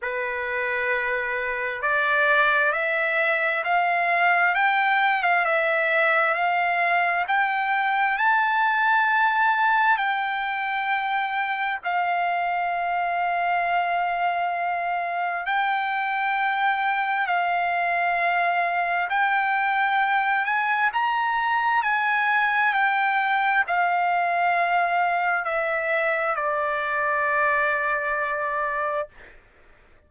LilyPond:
\new Staff \with { instrumentName = "trumpet" } { \time 4/4 \tempo 4 = 66 b'2 d''4 e''4 | f''4 g''8. f''16 e''4 f''4 | g''4 a''2 g''4~ | g''4 f''2.~ |
f''4 g''2 f''4~ | f''4 g''4. gis''8 ais''4 | gis''4 g''4 f''2 | e''4 d''2. | }